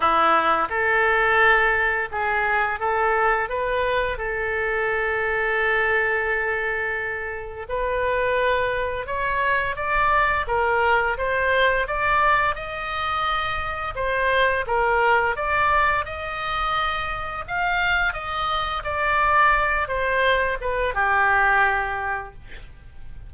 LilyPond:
\new Staff \with { instrumentName = "oboe" } { \time 4/4 \tempo 4 = 86 e'4 a'2 gis'4 | a'4 b'4 a'2~ | a'2. b'4~ | b'4 cis''4 d''4 ais'4 |
c''4 d''4 dis''2 | c''4 ais'4 d''4 dis''4~ | dis''4 f''4 dis''4 d''4~ | d''8 c''4 b'8 g'2 | }